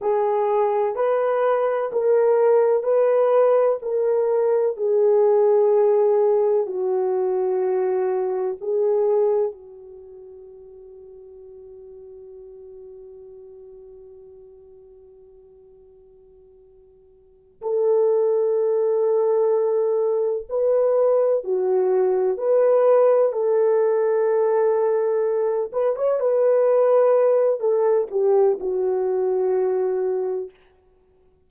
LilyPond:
\new Staff \with { instrumentName = "horn" } { \time 4/4 \tempo 4 = 63 gis'4 b'4 ais'4 b'4 | ais'4 gis'2 fis'4~ | fis'4 gis'4 fis'2~ | fis'1~ |
fis'2~ fis'8 a'4.~ | a'4. b'4 fis'4 b'8~ | b'8 a'2~ a'8 b'16 cis''16 b'8~ | b'4 a'8 g'8 fis'2 | }